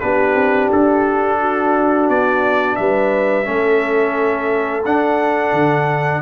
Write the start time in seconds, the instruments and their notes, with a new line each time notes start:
0.00 tuba B3, trombone D4, horn G4, trumpet B4
0.34 tuba C4
0.71 tuba D4, trumpet A4
1.39 horn F#4
2.09 tuba B3, trumpet D5
2.76 tuba G3, horn B4, trumpet E5
3.45 tuba A3, trombone C#4, horn A4
4.85 tuba D4, trombone D4, trumpet F#5
5.52 tuba D3